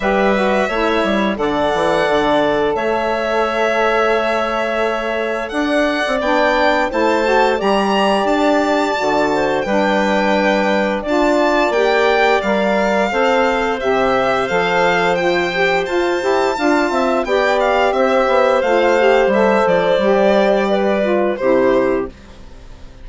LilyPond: <<
  \new Staff \with { instrumentName = "violin" } { \time 4/4 \tempo 4 = 87 e''2 fis''2 | e''1 | fis''4 g''4 a''4 ais''4 | a''2 g''2 |
a''4 g''4 f''2 | e''4 f''4 g''4 a''4~ | a''4 g''8 f''8 e''4 f''4 | e''8 d''2~ d''8 c''4 | }
  \new Staff \with { instrumentName = "clarinet" } { \time 4/4 b'4 cis''4 d''2 | cis''1 | d''2 c''4 d''4~ | d''4. c''8 b'2 |
d''2. c''4~ | c''1 | f''8 e''8 d''4 c''2~ | c''2 b'4 g'4 | }
  \new Staff \with { instrumentName = "saxophone" } { \time 4/4 g'8 fis'8 e'4 a'2~ | a'1~ | a'4 d'4 e'8 fis'8 g'4~ | g'4 fis'4 d'2 |
f'4 g'4 ais'4 a'4 | g'4 a'4 f'8 g'8 f'8 g'8 | f'4 g'2 f'8 g'8 | a'4 g'4. f'8 e'4 | }
  \new Staff \with { instrumentName = "bassoon" } { \time 4/4 g4 a8 g8 d8 e8 d4 | a1 | d'8. c'16 b4 a4 g4 | d'4 d4 g2 |
d'4 ais4 g4 c'4 | c4 f2 f'8 e'8 | d'8 c'8 b4 c'8 b8 a4 | g8 f8 g2 c4 | }
>>